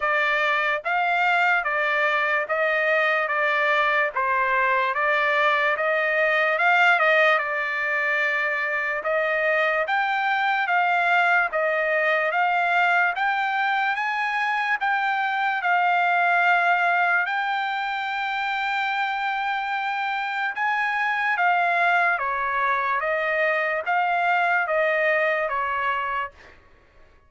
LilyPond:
\new Staff \with { instrumentName = "trumpet" } { \time 4/4 \tempo 4 = 73 d''4 f''4 d''4 dis''4 | d''4 c''4 d''4 dis''4 | f''8 dis''8 d''2 dis''4 | g''4 f''4 dis''4 f''4 |
g''4 gis''4 g''4 f''4~ | f''4 g''2.~ | g''4 gis''4 f''4 cis''4 | dis''4 f''4 dis''4 cis''4 | }